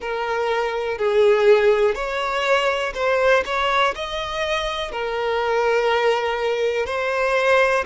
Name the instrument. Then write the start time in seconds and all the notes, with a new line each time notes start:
violin
0.00 A#4
0.98 G#4
1.94 C#5
2.94 C5
3.45 C#5
3.95 D#5
4.91 A#4
6.86 C5